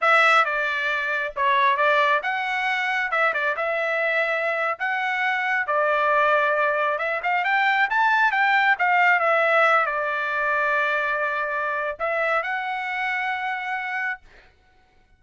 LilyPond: \new Staff \with { instrumentName = "trumpet" } { \time 4/4 \tempo 4 = 135 e''4 d''2 cis''4 | d''4 fis''2 e''8 d''8 | e''2~ e''8. fis''4~ fis''16~ | fis''8. d''2. e''16~ |
e''16 f''8 g''4 a''4 g''4 f''16~ | f''8. e''4. d''4.~ d''16~ | d''2. e''4 | fis''1 | }